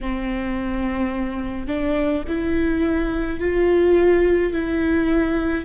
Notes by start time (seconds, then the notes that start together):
0.01 C4
1.67 D4
2.27 E4
3.39 F4
4.52 E4